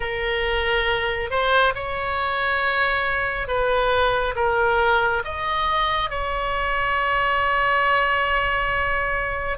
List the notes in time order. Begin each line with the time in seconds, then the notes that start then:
0.00 A#4
1.30 C5
1.74 C#5
3.47 B4
4.35 A#4
5.24 D#5
6.09 C#5